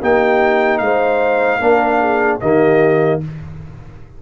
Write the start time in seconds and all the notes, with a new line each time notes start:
0.00 A#3 D#4 G4 G5
0.78 G#3 C5 F5
1.59 A#3 D4 A#4
2.00 G#4
2.40 D#3 A#3 G4 D#5